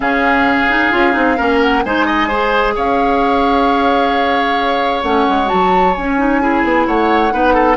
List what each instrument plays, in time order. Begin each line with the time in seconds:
0.00 bassoon C#3, clarinet C#4, oboe G#4, flute F5
0.68 clarinet D#4
0.91 bassoon C#4, clarinet F4
1.12 bassoon C4, clarinet D#4
1.37 bassoon A#3, clarinet C#4, oboe A#4
1.61 flute F#5
1.83 bassoon G#3, clarinet D#4, oboe C5, flute G#5
2.06 oboe D#5
2.27 clarinet G#4, oboe C5
2.75 bassoon C#4, oboe C#5, flute F5
5.03 bassoon A3, clarinet C#4, flute F#5
5.28 bassoon G#3
5.45 clarinet F#4, flute A5
5.52 bassoon F#3
5.94 bassoon C#4, clarinet C#4, flute G#5
6.18 clarinet D#4
6.41 clarinet E4, oboe G#4
6.63 bassoon B3
6.86 bassoon A3, oboe C#5, flute F#5
7.31 bassoon B3, clarinet D#4, oboe B4
7.54 oboe A4